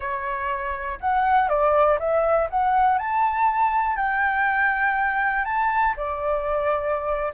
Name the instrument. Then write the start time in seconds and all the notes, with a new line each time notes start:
flute
0.00 C#5
1.00 F#5
1.48 D5
1.99 E5
2.50 F#5
2.98 A5
3.96 G5
5.45 A5
5.96 D5